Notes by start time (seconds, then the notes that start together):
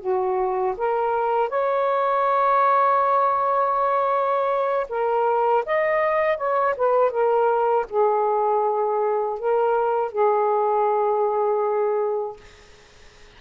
0.00 F#4
0.77 A#4
1.49 C#5
4.90 A#4
5.66 D#5
6.37 C#5
6.77 B4
7.11 A#4
7.90 G#4
9.39 A#4
10.12 G#4